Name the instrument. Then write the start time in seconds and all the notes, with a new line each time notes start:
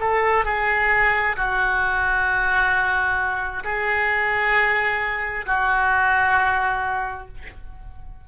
oboe
0.00 A4
0.45 G#4
1.36 F#4
3.64 G#4
5.46 F#4